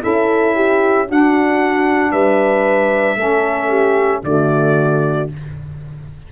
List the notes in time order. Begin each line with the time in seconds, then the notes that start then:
0.00 C#4 E4 A4 E5
0.55 G4
1.08 D4 F#4 F#5
2.12 G3 B4 E5
3.16 A3 C#4 A4
3.69 G4
4.23 D3 A3 F#4 D5